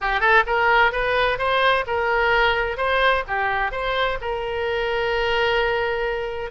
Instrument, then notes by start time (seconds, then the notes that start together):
oboe
0.01 G4
0.20 A4
0.46 A#4
0.92 B4
1.38 C5
1.86 A#4
2.77 C5
3.27 G4
3.71 C5
4.21 A#4